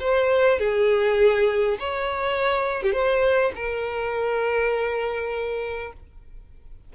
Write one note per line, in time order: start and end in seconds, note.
0.00 0.59 C5
0.59 1.78 G#4
1.80 2.82 C#5
2.82 2.92 G4
2.92 3.52 C5
3.55 5.93 A#4